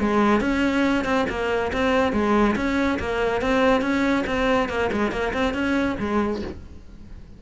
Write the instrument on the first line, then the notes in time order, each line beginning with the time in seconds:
cello
0.00 G#3
0.41 C#4
1.05 C4
1.30 A#3
1.73 C4
2.13 G#3
2.56 C#4
2.99 A#3
3.41 C4
3.82 C#4
4.27 C4
4.69 A#3
4.92 G#3
5.11 A#3
5.34 C4
5.54 C#4
6.00 G#3